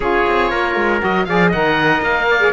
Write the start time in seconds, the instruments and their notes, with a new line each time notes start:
0.00 cello C#4, saxophone F4, trumpet G#4, oboe C#5
0.27 cello C4
0.50 cello A#3, trumpet A#4
0.75 cello G#3
0.99 cello F#3, saxophone F#4, oboe D#5
1.24 cello F3, saxophone G#4, trumpet D5, oboe F5
1.48 saxophone A#4, trumpet D#5, oboe F#5
1.54 cello D#3
2.01 cello A#3, oboe F5
2.30 trumpet D5
2.40 saxophone G#4